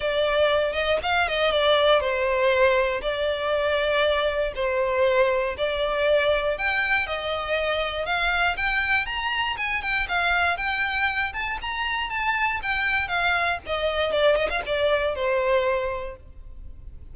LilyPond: \new Staff \with { instrumentName = "violin" } { \time 4/4 \tempo 4 = 119 d''4. dis''8 f''8 dis''8 d''4 | c''2 d''2~ | d''4 c''2 d''4~ | d''4 g''4 dis''2 |
f''4 g''4 ais''4 gis''8 g''8 | f''4 g''4. a''8 ais''4 | a''4 g''4 f''4 dis''4 | d''8 dis''16 f''16 d''4 c''2 | }